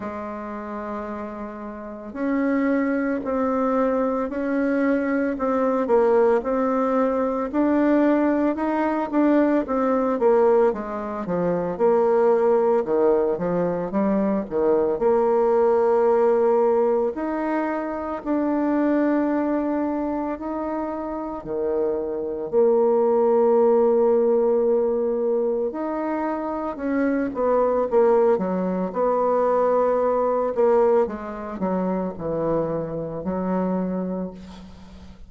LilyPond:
\new Staff \with { instrumentName = "bassoon" } { \time 4/4 \tempo 4 = 56 gis2 cis'4 c'4 | cis'4 c'8 ais8 c'4 d'4 | dis'8 d'8 c'8 ais8 gis8 f8 ais4 | dis8 f8 g8 dis8 ais2 |
dis'4 d'2 dis'4 | dis4 ais2. | dis'4 cis'8 b8 ais8 fis8 b4~ | b8 ais8 gis8 fis8 e4 fis4 | }